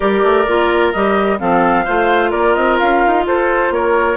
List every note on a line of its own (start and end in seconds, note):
0.00 0.23 G3
0.00 0.47 G4
0.00 1.38 A#4
0.00 0.92 D5
0.23 0.46 A3
0.46 0.93 A#3
0.46 0.93 F4
0.92 1.40 G3
0.92 1.38 G4
0.92 1.39 D#5
1.38 1.87 F3
1.38 1.84 C4
1.38 1.84 A4
1.38 2.31 F5
1.84 2.33 A3
1.84 4.17 F4
1.84 2.30 C5
2.30 2.56 A#3
2.30 3.23 A#4
2.30 2.54 D5
2.54 2.79 C4
2.54 2.77 D#5
2.79 3.05 C#4
2.79 3.25 F5
3.06 3.27 D#4
3.27 3.70 F4
3.27 3.73 A4
3.27 3.73 C5
3.70 4.16 A#3
3.70 4.17 A#4
3.70 4.17 C#5